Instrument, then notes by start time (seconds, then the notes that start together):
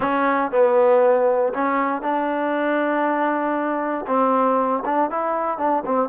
trombone
0.00 C#4
0.51 B3
1.54 C#4
2.02 D4
4.07 C4
4.85 D4
5.10 E4
5.58 D4
5.85 C4